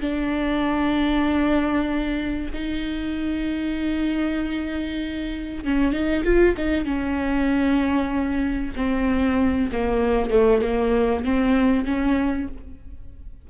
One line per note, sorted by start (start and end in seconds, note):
0.00 2.50 D4
2.53 5.64 D#4
5.64 5.92 C#4
5.92 6.23 D#4
6.23 6.55 F4
6.57 6.84 D#4
6.84 8.72 C#4
8.76 9.70 C4
9.72 10.30 A#3
10.30 10.61 A3
10.61 11.24 A#3
11.24 11.85 C4
11.85 12.47 C#4